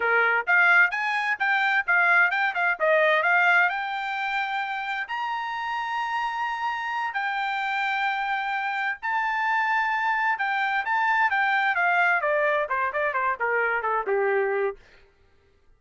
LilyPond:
\new Staff \with { instrumentName = "trumpet" } { \time 4/4 \tempo 4 = 130 ais'4 f''4 gis''4 g''4 | f''4 g''8 f''8 dis''4 f''4 | g''2. ais''4~ | ais''2.~ ais''8 g''8~ |
g''2.~ g''8 a''8~ | a''2~ a''8 g''4 a''8~ | a''8 g''4 f''4 d''4 c''8 | d''8 c''8 ais'4 a'8 g'4. | }